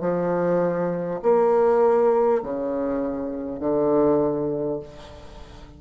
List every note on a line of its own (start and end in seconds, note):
0.00 1.20 F3
1.22 2.42 A#3
2.43 3.59 C#3
3.59 4.79 D3